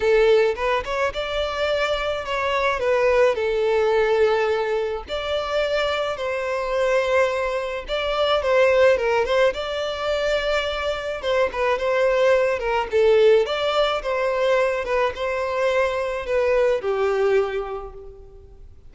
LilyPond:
\new Staff \with { instrumentName = "violin" } { \time 4/4 \tempo 4 = 107 a'4 b'8 cis''8 d''2 | cis''4 b'4 a'2~ | a'4 d''2 c''4~ | c''2 d''4 c''4 |
ais'8 c''8 d''2. | c''8 b'8 c''4. ais'8 a'4 | d''4 c''4. b'8 c''4~ | c''4 b'4 g'2 | }